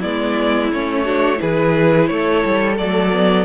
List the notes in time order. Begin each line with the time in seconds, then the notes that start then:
0.00 G#3 B3 E4 D5
0.72 A3 C#4 C#5
1.05 D4 F#4
1.36 E3 E4 G#4 B4
2.07 A3 A4 C#5
2.45 G3
2.77 F#3 A3 D5
3.12 B3